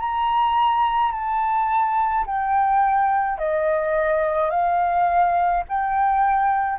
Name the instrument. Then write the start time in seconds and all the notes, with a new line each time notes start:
flute
0.00 A#5
1.12 A5
2.26 G5
3.39 D#5
4.50 F5
5.69 G5